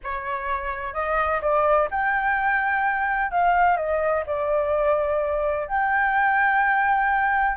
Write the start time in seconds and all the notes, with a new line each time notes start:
0.03 C#5
0.93 D#5
1.41 D5
1.90 G5
3.31 F5
3.76 D#5
4.26 D5
5.67 G5